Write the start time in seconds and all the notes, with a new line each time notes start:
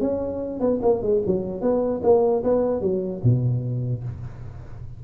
0.00 C#4
0.60 B3
0.82 A#3
1.02 G#3
1.26 F#3
1.61 B3
2.03 A#3
2.43 B3
2.81 F#3
3.23 B2